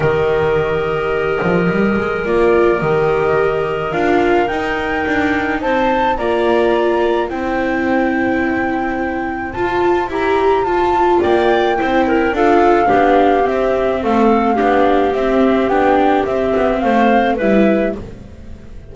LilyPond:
<<
  \new Staff \with { instrumentName = "flute" } { \time 4/4 \tempo 4 = 107 dis''1 | d''4 dis''2 f''4 | g''2 a''4 ais''4~ | ais''4 g''2.~ |
g''4 a''4 ais''4 a''4 | g''2 f''2 | e''4 f''2 e''4 | g''4 e''4 f''4 e''4 | }
  \new Staff \with { instrumentName = "clarinet" } { \time 4/4 ais'1~ | ais'1~ | ais'2 c''4 d''4~ | d''4 c''2.~ |
c''1 | d''4 c''8 ais'8 a'4 g'4~ | g'4 a'4 g'2~ | g'2 c''4 b'4 | }
  \new Staff \with { instrumentName = "viola" } { \time 4/4 g'1 | f'4 g'2 f'4 | dis'2. f'4~ | f'4 e'2.~ |
e'4 f'4 g'4 f'4~ | f'4 e'4 f'4 d'4 | c'2 d'4 c'4 | d'4 c'2 e'4 | }
  \new Staff \with { instrumentName = "double bass" } { \time 4/4 dis2~ dis8 f8 g8 gis8 | ais4 dis2 d'4 | dis'4 d'4 c'4 ais4~ | ais4 c'2.~ |
c'4 f'4 e'4 f'4 | ais4 c'4 d'4 b4 | c'4 a4 b4 c'4 | b4 c'8 b8 a4 g4 | }
>>